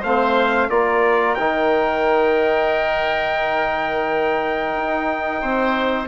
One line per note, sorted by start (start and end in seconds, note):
0.00 0.70 A3
0.00 0.70 C4
0.00 0.67 C5
0.00 0.70 F5
0.70 1.37 A#3
0.70 1.37 F4
0.70 5.41 A#4
0.70 1.35 D5
1.35 4.76 D#3
1.35 6.08 D#4
1.35 6.07 G5
4.76 5.42 D#4
5.41 6.08 C4
5.41 6.08 C5